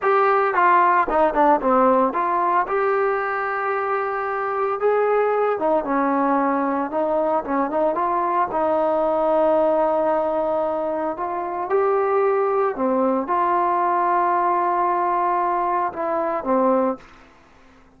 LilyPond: \new Staff \with { instrumentName = "trombone" } { \time 4/4 \tempo 4 = 113 g'4 f'4 dis'8 d'8 c'4 | f'4 g'2.~ | g'4 gis'4. dis'8 cis'4~ | cis'4 dis'4 cis'8 dis'8 f'4 |
dis'1~ | dis'4 f'4 g'2 | c'4 f'2.~ | f'2 e'4 c'4 | }